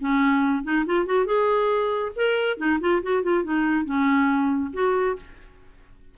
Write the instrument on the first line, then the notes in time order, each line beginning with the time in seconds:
clarinet
0.00 C#4
0.64 D#4
0.86 F4
1.06 F#4
1.26 G#4
2.16 A#4
2.57 D#4
2.80 F4
3.03 F#4
3.23 F4
3.44 D#4
3.85 C#4
4.73 F#4